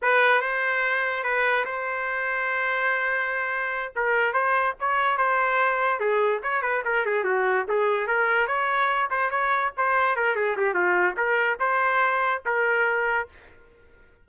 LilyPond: \new Staff \with { instrumentName = "trumpet" } { \time 4/4 \tempo 4 = 145 b'4 c''2 b'4 | c''1~ | c''4. ais'4 c''4 cis''8~ | cis''8 c''2 gis'4 cis''8 |
b'8 ais'8 gis'8 fis'4 gis'4 ais'8~ | ais'8 cis''4. c''8 cis''4 c''8~ | c''8 ais'8 gis'8 g'8 f'4 ais'4 | c''2 ais'2 | }